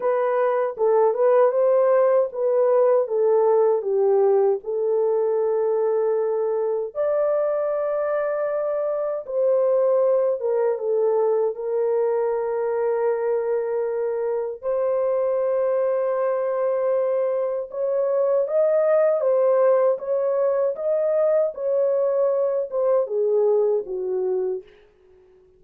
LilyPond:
\new Staff \with { instrumentName = "horn" } { \time 4/4 \tempo 4 = 78 b'4 a'8 b'8 c''4 b'4 | a'4 g'4 a'2~ | a'4 d''2. | c''4. ais'8 a'4 ais'4~ |
ais'2. c''4~ | c''2. cis''4 | dis''4 c''4 cis''4 dis''4 | cis''4. c''8 gis'4 fis'4 | }